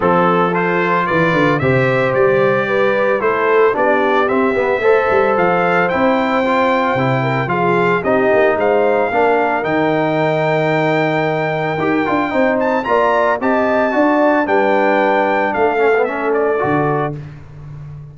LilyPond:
<<
  \new Staff \with { instrumentName = "trumpet" } { \time 4/4 \tempo 4 = 112 a'4 c''4 d''4 e''4 | d''2 c''4 d''4 | e''2 f''4 g''4~ | g''2 f''4 dis''4 |
f''2 g''2~ | g''2.~ g''8 a''8 | ais''4 a''2 g''4~ | g''4 f''4 e''8 d''4. | }
  \new Staff \with { instrumentName = "horn" } { \time 4/4 a'2 b'4 c''4~ | c''4 b'4 a'4 g'4~ | g'4 c''2.~ | c''4. ais'8 gis'4 g'4 |
c''4 ais'2.~ | ais'2. c''4 | d''4 dis''4 d''4 b'4~ | b'4 a'2. | }
  \new Staff \with { instrumentName = "trombone" } { \time 4/4 c'4 f'2 g'4~ | g'2 e'4 d'4 | c'8 b8 a'2 e'4 | f'4 e'4 f'4 dis'4~ |
dis'4 d'4 dis'2~ | dis'2 g'8 f'8 dis'4 | f'4 g'4 fis'4 d'4~ | d'4. cis'16 b16 cis'4 fis'4 | }
  \new Staff \with { instrumentName = "tuba" } { \time 4/4 f2 e8 d8 c4 | g2 a4 b4 | c'8 b8 a8 g8 f4 c'4~ | c'4 c4 f4 c'8 ais8 |
gis4 ais4 dis2~ | dis2 dis'8 d'8 c'4 | ais4 c'4 d'4 g4~ | g4 a2 d4 | }
>>